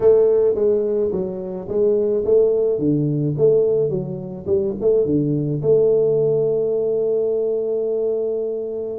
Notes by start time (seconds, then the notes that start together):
0.00 A3
0.55 G#3
1.12 F#3
1.68 G#3
2.24 A3
2.78 D3
3.37 A3
3.89 F#3
4.46 G3
4.80 A3
5.05 D3
5.62 A3